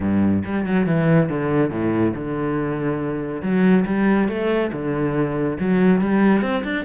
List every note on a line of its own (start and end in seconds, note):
0.00 0.42 G2
0.44 0.65 G3
0.65 0.86 F#3
0.86 1.29 E3
1.29 1.70 D3
1.70 2.13 A2
2.14 3.41 D3
3.41 3.84 F#3
3.85 4.28 G3
4.28 4.71 A3
4.72 5.58 D3
5.59 6.00 F#3
6.00 6.41 G3
6.41 6.63 C4
6.64 6.85 D4